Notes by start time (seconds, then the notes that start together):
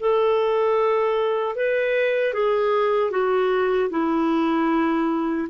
0.00 A4
1.56 B4
2.33 G#4
3.11 F#4
3.90 E4